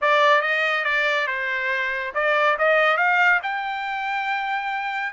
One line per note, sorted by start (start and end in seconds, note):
0.01 0.41 D5
0.41 0.84 D#5
0.84 1.27 D5
1.27 2.13 C5
2.14 2.57 D5
2.58 2.97 D#5
2.97 3.40 F5
3.42 5.12 G5